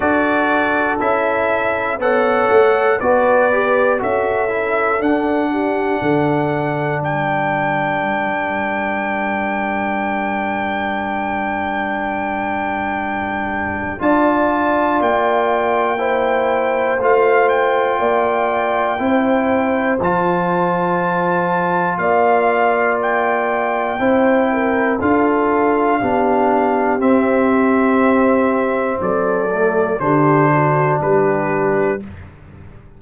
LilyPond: <<
  \new Staff \with { instrumentName = "trumpet" } { \time 4/4 \tempo 4 = 60 d''4 e''4 fis''4 d''4 | e''4 fis''2 g''4~ | g''1~ | g''2 a''4 g''4~ |
g''4 f''8 g''2~ g''8 | a''2 f''4 g''4~ | g''4 f''2 e''4~ | e''4 d''4 c''4 b'4 | }
  \new Staff \with { instrumentName = "horn" } { \time 4/4 a'2 cis''4 b'4 | a'4. g'8 a'4 ais'4~ | ais'1~ | ais'2 d''2 |
c''2 d''4 c''4~ | c''2 d''2 | c''8 ais'8 a'4 g'2~ | g'4 a'4 g'8 fis'8 g'4 | }
  \new Staff \with { instrumentName = "trombone" } { \time 4/4 fis'4 e'4 a'4 fis'8 g'8 | fis'8 e'8 d'2.~ | d'1~ | d'2 f'2 |
e'4 f'2 e'4 | f'1 | e'4 f'4 d'4 c'4~ | c'4. a8 d'2 | }
  \new Staff \with { instrumentName = "tuba" } { \time 4/4 d'4 cis'4 b8 a8 b4 | cis'4 d'4 d4 g4~ | g1~ | g2 d'4 ais4~ |
ais4 a4 ais4 c'4 | f2 ais2 | c'4 d'4 b4 c'4~ | c'4 fis4 d4 g4 | }
>>